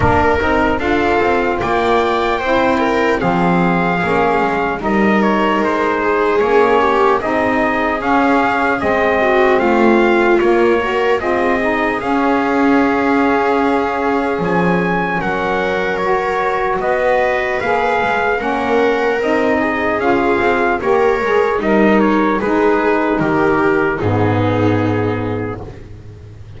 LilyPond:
<<
  \new Staff \with { instrumentName = "trumpet" } { \time 4/4 \tempo 4 = 75 ais'4 f''4 g''2 | f''2 dis''8 cis''8 c''4 | cis''4 dis''4 f''4 dis''4 | f''4 cis''4 dis''4 f''4~ |
f''2 gis''4 fis''4 | cis''4 dis''4 f''4 fis''4 | dis''4 f''4 cis''4 dis''8 cis''8 | b'4 ais'4 gis'2 | }
  \new Staff \with { instrumentName = "viola" } { \time 4/4 ais'4 a'4 d''4 c''8 ais'8 | gis'2 ais'4. gis'8~ | gis'8 g'8 gis'2~ gis'8 fis'8 | f'4. ais'8 gis'2~ |
gis'2. ais'4~ | ais'4 b'2 ais'4~ | ais'8 gis'4. ais'4 dis'4 | gis'4 g'4 dis'2 | }
  \new Staff \with { instrumentName = "saxophone" } { \time 4/4 d'8 dis'8 f'2 e'4 | c'4 cis'4 dis'2 | cis'4 dis'4 cis'4 c'4~ | c'4 ais8 fis'8 f'8 dis'8 cis'4~ |
cis'1 | fis'2 gis'4 cis'4 | dis'4 f'4 g'8 gis'8 ais'4 | dis'2 b2 | }
  \new Staff \with { instrumentName = "double bass" } { \time 4/4 ais8 c'8 d'8 c'8 ais4 c'4 | f4 ais8 gis8 g4 gis4 | ais4 c'4 cis'4 gis4 | a4 ais4 c'4 cis'4~ |
cis'2 f4 fis4~ | fis4 b4 ais8 gis8 ais4 | c'4 cis'8 c'8 ais8 gis8 g4 | gis4 dis4 gis,2 | }
>>